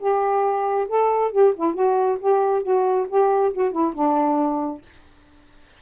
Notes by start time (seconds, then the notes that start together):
0.00 G4
0.89 A4
1.32 G4
1.56 E4
1.74 F#4
2.20 G4
2.63 F#4
3.09 G4
3.54 F#4
3.72 E4
3.95 D4